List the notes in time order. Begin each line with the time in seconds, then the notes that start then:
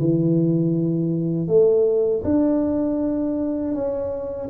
0.00 E3
1.48 A3
2.25 D4
3.75 C#4